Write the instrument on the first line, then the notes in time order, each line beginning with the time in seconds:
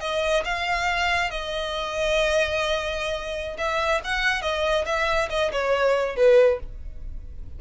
violin
0.00 D#5
0.44 F5
1.30 D#5
3.57 E5
4.04 F#5
4.41 D#5
4.85 E5
5.29 D#5
5.52 C#5
6.16 B4